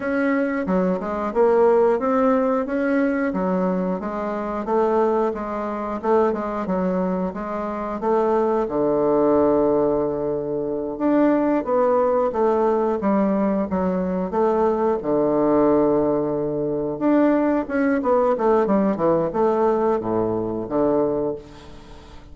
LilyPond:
\new Staff \with { instrumentName = "bassoon" } { \time 4/4 \tempo 4 = 90 cis'4 fis8 gis8 ais4 c'4 | cis'4 fis4 gis4 a4 | gis4 a8 gis8 fis4 gis4 | a4 d2.~ |
d8 d'4 b4 a4 g8~ | g8 fis4 a4 d4.~ | d4. d'4 cis'8 b8 a8 | g8 e8 a4 a,4 d4 | }